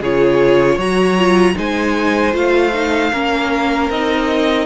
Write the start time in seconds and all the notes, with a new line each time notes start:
0.00 C#3 F4 G#4 C#5
0.75 F#3 F#4 C#5 A#5
1.18 F4
1.54 G#3 D#4 C5 G#5
2.32 A3 F4 F5
2.73 D#4
3.11 A#3 C#4 A#4
3.89 C4 D#4 D#5